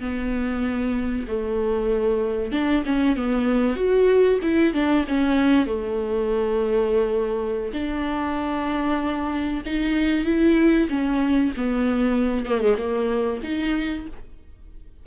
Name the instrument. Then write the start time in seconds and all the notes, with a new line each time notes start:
viola
0.00 B3
1.27 A3
2.52 D4
2.86 C#4
3.16 B3
3.76 F#4
4.42 E4
4.73 D4
5.08 C#4
5.66 A3
7.73 D4
9.65 D#4
10.25 E4
10.89 C#4
11.56 B3
12.46 A#3
12.61 G#3
12.77 A#3
13.43 D#4